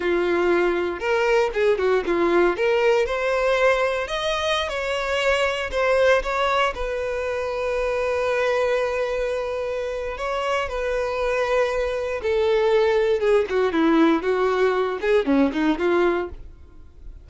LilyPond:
\new Staff \with { instrumentName = "violin" } { \time 4/4 \tempo 4 = 118 f'2 ais'4 gis'8 fis'8 | f'4 ais'4 c''2 | dis''4~ dis''16 cis''2 c''8.~ | c''16 cis''4 b'2~ b'8.~ |
b'1 | cis''4 b'2. | a'2 gis'8 fis'8 e'4 | fis'4. gis'8 cis'8 dis'8 f'4 | }